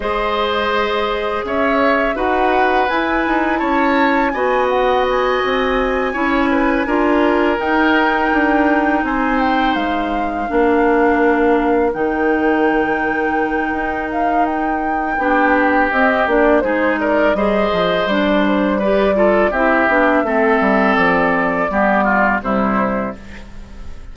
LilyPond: <<
  \new Staff \with { instrumentName = "flute" } { \time 4/4 \tempo 4 = 83 dis''2 e''4 fis''4 | gis''4 a''4 gis''8 fis''8 gis''4~ | gis''2~ gis''8 g''4.~ | g''8 gis''8 g''8 f''2~ f''8~ |
f''8 g''2. f''8 | g''2 dis''8 d''8 c''8 d''8 | dis''4 d''8 c''8 d''4 e''4~ | e''4 d''2 c''4 | }
  \new Staff \with { instrumentName = "oboe" } { \time 4/4 c''2 cis''4 b'4~ | b'4 cis''4 dis''2~ | dis''8 cis''8 b'8 ais'2~ ais'8~ | ais'8 c''2 ais'4.~ |
ais'1~ | ais'4 g'2 gis'8 ais'8 | c''2 b'8 a'8 g'4 | a'2 g'8 f'8 e'4 | }
  \new Staff \with { instrumentName = "clarinet" } { \time 4/4 gis'2. fis'4 | e'2 fis'2~ | fis'8 e'4 f'4 dis'4.~ | dis'2~ dis'8 d'4.~ |
d'8 dis'2.~ dis'8~ | dis'4 d'4 c'8 d'8 dis'4 | gis'4 d'4 g'8 f'8 e'8 d'8 | c'2 b4 g4 | }
  \new Staff \with { instrumentName = "bassoon" } { \time 4/4 gis2 cis'4 dis'4 | e'8 dis'8 cis'4 b4. c'8~ | c'8 cis'4 d'4 dis'4 d'8~ | d'8 c'4 gis4 ais4.~ |
ais8 dis2~ dis8 dis'4~ | dis'4 b4 c'8 ais8 gis4 | g8 f8 g2 c'8 b8 | a8 g8 f4 g4 c4 | }
>>